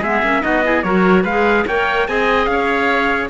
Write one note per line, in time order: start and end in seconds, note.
0.00 0.22 G#3
0.00 0.23 B3
0.00 0.41 G#4
0.00 0.43 E5
0.22 0.42 A#3
0.22 0.41 C#4
0.41 0.83 B3
0.41 0.62 D#4
0.41 0.64 F#4
0.41 0.82 D#5
0.63 0.84 E4
0.63 0.84 G#4
0.82 1.24 F#3
0.82 1.25 F#4
0.82 1.23 A#4
0.82 1.23 C#5
1.23 1.65 G#3
1.23 1.69 G#4
1.23 1.64 B4
1.23 1.66 F5
1.67 2.08 A#3
1.67 2.07 A#4
1.67 2.08 C#5
1.67 2.07 G5
2.07 2.47 C4
2.07 3.29 G#4
2.07 2.50 D#5
2.07 2.45 G#5
2.45 3.29 C#4
2.45 3.27 F5
2.51 3.29 C#5